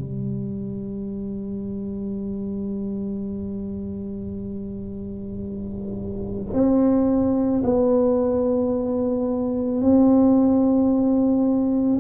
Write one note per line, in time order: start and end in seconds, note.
0.00 6.54 G3
6.54 7.63 C4
7.64 9.82 B3
9.82 12.00 C4